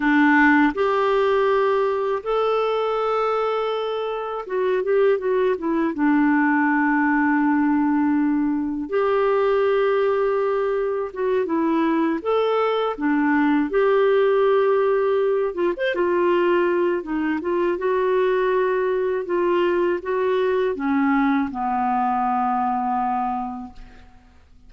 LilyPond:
\new Staff \with { instrumentName = "clarinet" } { \time 4/4 \tempo 4 = 81 d'4 g'2 a'4~ | a'2 fis'8 g'8 fis'8 e'8 | d'1 | g'2. fis'8 e'8~ |
e'8 a'4 d'4 g'4.~ | g'4 f'16 c''16 f'4. dis'8 f'8 | fis'2 f'4 fis'4 | cis'4 b2. | }